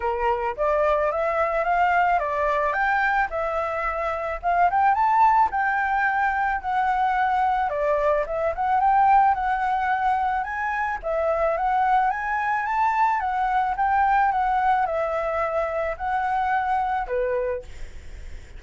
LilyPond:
\new Staff \with { instrumentName = "flute" } { \time 4/4 \tempo 4 = 109 ais'4 d''4 e''4 f''4 | d''4 g''4 e''2 | f''8 g''8 a''4 g''2 | fis''2 d''4 e''8 fis''8 |
g''4 fis''2 gis''4 | e''4 fis''4 gis''4 a''4 | fis''4 g''4 fis''4 e''4~ | e''4 fis''2 b'4 | }